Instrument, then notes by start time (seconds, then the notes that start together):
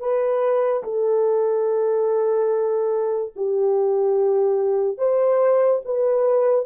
horn
0.00 B4
0.84 A4
3.36 G4
4.98 C5
5.86 B4